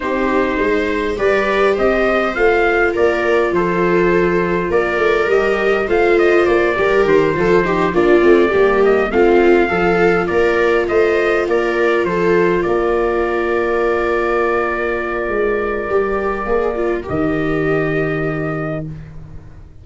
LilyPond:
<<
  \new Staff \with { instrumentName = "trumpet" } { \time 4/4 \tempo 4 = 102 c''2 d''4 dis''4 | f''4 d''4 c''2 | d''4 dis''4 f''8 dis''8 d''4 | c''4. d''4. dis''8 f''8~ |
f''4. d''4 dis''4 d''8~ | d''8 c''4 d''2~ d''8~ | d''1~ | d''4 dis''2. | }
  \new Staff \with { instrumentName = "viola" } { \time 4/4 g'4 c''4 b'4 c''4~ | c''4 ais'4 a'2 | ais'2 c''4. ais'8~ | ais'8 a'8 g'8 f'4 g'4 f'8~ |
f'8 a'4 ais'4 c''4 ais'8~ | ais'8 a'4 ais'2~ ais'8~ | ais'1~ | ais'1 | }
  \new Staff \with { instrumentName = "viola" } { \time 4/4 dis'2 g'2 | f'1~ | f'4 g'4 f'4. g'8~ | g'8 f'8 dis'8 d'8 c'8 ais4 c'8~ |
c'8 f'2.~ f'8~ | f'1~ | f'2. g'4 | gis'8 f'8 g'2. | }
  \new Staff \with { instrumentName = "tuba" } { \time 4/4 c'4 gis4 g4 c'4 | a4 ais4 f2 | ais8 a8 g4 a4 ais8 g8 | dis8 f4 ais8 a8 g4 a8~ |
a8 f4 ais4 a4 ais8~ | ais8 f4 ais2~ ais8~ | ais2 gis4 g4 | ais4 dis2. | }
>>